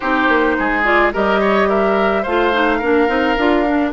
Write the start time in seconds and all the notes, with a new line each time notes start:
0.00 C4 D#4 G4 C5
0.28 A#3
0.58 G#3 G#4
0.84 F4 D5
1.13 G3 G4 A#4 D#5
1.40 C#5
1.68 A#4 E5
2.22 A3 F4 C5 F5
2.52 D#4
2.78 A#3 D4 A#4
3.07 C4 D#4
3.37 D4 F4
3.66 D4